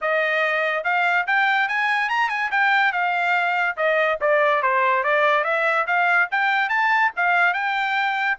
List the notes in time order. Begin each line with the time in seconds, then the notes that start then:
0.01 D#5
0.84 F5
1.26 G5
1.68 G#5
2.09 A#5
2.29 G#5
2.51 G5
2.92 F5
3.76 D#5
4.20 D5
4.62 C5
5.03 D5
5.44 E5
5.86 F5
6.31 G5
6.69 A5
7.16 F5
7.53 G5